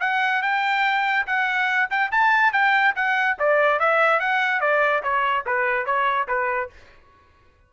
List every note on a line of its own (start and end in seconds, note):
0.00 0.42 F#5
0.42 1.26 G5
1.26 1.89 F#5
1.90 2.11 G5
2.11 2.52 A5
2.52 2.94 G5
2.95 3.37 F#5
3.39 3.79 D5
3.79 4.20 E5
4.20 4.60 F#5
4.60 5.02 D5
5.03 5.45 C#5
5.46 5.85 B4
5.85 6.27 C#5
6.27 6.69 B4